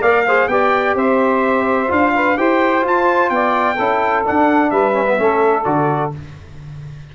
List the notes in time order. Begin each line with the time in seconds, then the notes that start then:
0.00 A#3 A#4 D5 F5
0.26 G#4 C5
0.48 B3 G4 D5 G5
0.95 C4 C5 E5
1.88 D4 F4 F5
2.15 B4
2.37 E4 G4 C5 G5
2.82 F4 A5
3.30 B3 D5 G5
3.75 C#4 E4 A4
4.25 D4 F#5
4.70 G3 B4 E5
4.93 C#4
5.06 B3
5.18 A3 C#4 A4
5.64 D3 F#4 D5